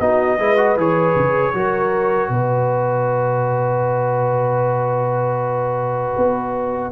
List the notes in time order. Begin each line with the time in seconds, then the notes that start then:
0.00 B3 D#4 F#4 D#5
0.38 G#3 E4 B4
0.57 F#4
0.76 E3 G#4 C#5
1.16 C#3
1.53 F#3 F#4 A#4
2.29 B2 B4 D#5
6.17 B3